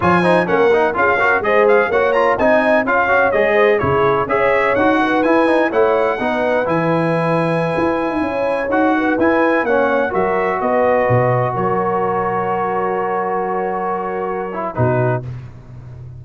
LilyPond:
<<
  \new Staff \with { instrumentName = "trumpet" } { \time 4/4 \tempo 4 = 126 gis''4 fis''4 f''4 dis''8 f''8 | fis''8 ais''8 gis''4 f''4 dis''4 | cis''4 e''4 fis''4 gis''4 | fis''2 gis''2~ |
gis''2~ gis''16 fis''4 gis''8.~ | gis''16 fis''4 e''4 dis''4.~ dis''16~ | dis''16 cis''2.~ cis''8.~ | cis''2. b'4 | }
  \new Staff \with { instrumentName = "horn" } { \time 4/4 cis''8 c''8 ais'4 gis'8 ais'8 c''4 | cis''4 dis''4 cis''4. c''8 | gis'4 cis''4. b'4. | cis''4 b'2.~ |
b'4~ b'16 cis''4. b'4~ b'16~ | b'16 cis''4 ais'4 b'4.~ b'16~ | b'16 ais'2.~ ais'8.~ | ais'2. fis'4 | }
  \new Staff \with { instrumentName = "trombone" } { \time 4/4 f'8 dis'8 cis'8 dis'8 f'8 fis'8 gis'4 | fis'8 f'8 dis'4 f'8 fis'8 gis'4 | e'4 gis'4 fis'4 e'8 dis'8 | e'4 dis'4 e'2~ |
e'2~ e'16 fis'4 e'8.~ | e'16 cis'4 fis'2~ fis'8.~ | fis'1~ | fis'2~ fis'8 e'8 dis'4 | }
  \new Staff \with { instrumentName = "tuba" } { \time 4/4 f4 ais4 cis'4 gis4 | ais4 c'4 cis'4 gis4 | cis4 cis'4 dis'4 e'4 | a4 b4 e2~ |
e16 e'8. dis'16 cis'4 dis'4 e'8.~ | e'16 ais4 fis4 b4 b,8.~ | b,16 fis2.~ fis8.~ | fis2. b,4 | }
>>